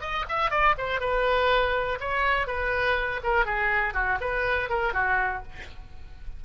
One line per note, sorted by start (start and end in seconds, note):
0.00 0.25 D#5
0.28 0.50 E5
0.50 0.75 D5
0.77 1.00 C5
1.00 1.98 B4
2.00 2.47 C#5
2.47 3.20 B4
3.23 3.45 A#4
3.45 3.93 G#4
3.93 4.18 F#4
4.20 4.69 B4
4.69 4.93 A#4
4.93 5.42 F#4